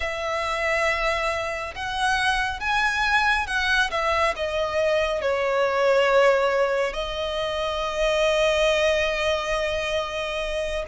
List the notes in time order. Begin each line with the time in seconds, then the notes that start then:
0.00 E5
1.75 F#5
2.60 G#5
3.46 F#5
3.91 E5
4.36 D#5
5.21 C#5
6.93 D#5